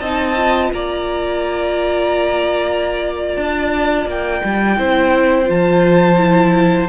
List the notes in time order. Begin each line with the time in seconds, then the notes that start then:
0.00 C4 D#4 D#5 A5
0.37 F4
0.73 A#3 D5 A#5
3.36 D4 A5
4.06 A#3 G5
4.44 G3
4.77 C4 E4 C5
5.45 F3 F4 A5
6.17 E4